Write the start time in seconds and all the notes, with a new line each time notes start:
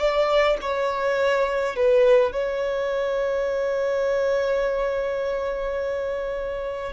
0.00 D5
0.62 C#5
1.76 B4
2.33 C#5